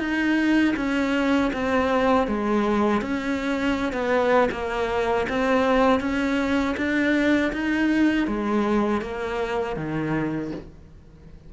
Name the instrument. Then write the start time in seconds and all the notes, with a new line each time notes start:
cello
0.00 D#4
0.77 C#4
1.53 C4
2.28 G#3
3.02 C#4
3.93 B3
4.52 A#3
5.29 C4
6.01 C#4
6.77 D4
7.53 D#4
8.28 G#3
9.02 A#3
9.77 D#3